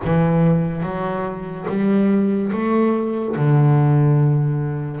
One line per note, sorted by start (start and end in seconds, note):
0.04 0.82 E3
0.82 1.66 F#3
1.68 2.51 G3
2.52 3.35 A3
3.35 5.00 D3